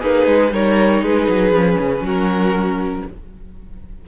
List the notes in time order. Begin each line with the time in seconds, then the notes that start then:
0.00 A#3 D#4 G#4 B4
0.26 G#3
0.52 G3 D#4 A#4 C#5
1.02 G#3 G#4 B4
1.29 F#3
1.52 F3 C#4
1.79 C#3
2.01 F#3 F#4 A#4